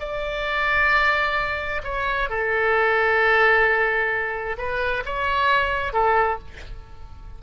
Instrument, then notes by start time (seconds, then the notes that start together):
oboe
0.00 D5
1.84 C#5
2.30 A4
4.58 B4
5.05 C#5
5.93 A4